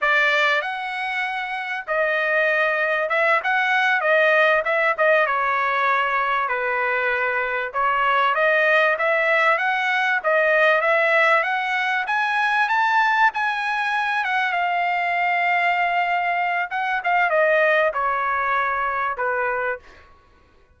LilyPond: \new Staff \with { instrumentName = "trumpet" } { \time 4/4 \tempo 4 = 97 d''4 fis''2 dis''4~ | dis''4 e''8 fis''4 dis''4 e''8 | dis''8 cis''2 b'4.~ | b'8 cis''4 dis''4 e''4 fis''8~ |
fis''8 dis''4 e''4 fis''4 gis''8~ | gis''8 a''4 gis''4. fis''8 f''8~ | f''2. fis''8 f''8 | dis''4 cis''2 b'4 | }